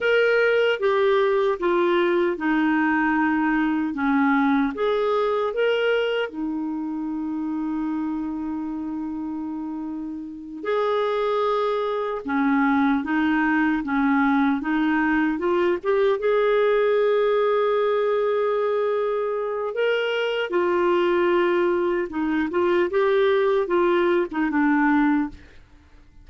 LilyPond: \new Staff \with { instrumentName = "clarinet" } { \time 4/4 \tempo 4 = 76 ais'4 g'4 f'4 dis'4~ | dis'4 cis'4 gis'4 ais'4 | dis'1~ | dis'4. gis'2 cis'8~ |
cis'8 dis'4 cis'4 dis'4 f'8 | g'8 gis'2.~ gis'8~ | gis'4 ais'4 f'2 | dis'8 f'8 g'4 f'8. dis'16 d'4 | }